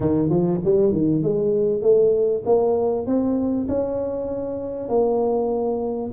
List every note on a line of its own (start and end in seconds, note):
0.00 0.29 D#3
0.29 0.60 F3
0.64 0.92 G3
0.92 1.22 D#3
1.22 1.81 G#3
1.81 2.43 A3
2.45 3.06 A#3
3.06 3.67 C4
3.68 4.88 C#4
4.88 6.11 A#3